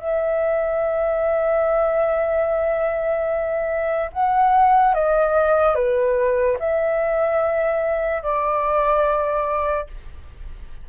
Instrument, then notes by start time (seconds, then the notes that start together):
flute
0.00 E5
4.13 F#5
4.95 D#5
5.75 B4
6.60 E5
8.23 D5